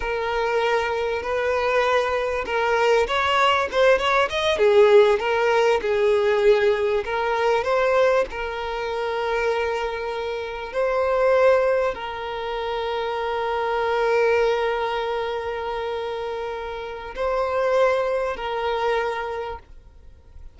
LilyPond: \new Staff \with { instrumentName = "violin" } { \time 4/4 \tempo 4 = 98 ais'2 b'2 | ais'4 cis''4 c''8 cis''8 dis''8 gis'8~ | gis'8 ais'4 gis'2 ais'8~ | ais'8 c''4 ais'2~ ais'8~ |
ais'4. c''2 ais'8~ | ais'1~ | ais'1 | c''2 ais'2 | }